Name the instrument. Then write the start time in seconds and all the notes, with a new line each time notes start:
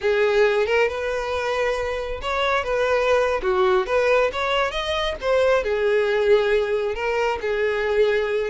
violin
0.01 G#4
0.66 A#4
0.88 B4
2.21 C#5
2.64 B4
3.42 F#4
3.86 B4
4.32 C#5
4.71 D#5
5.21 C5
5.63 G#4
6.94 A#4
7.41 G#4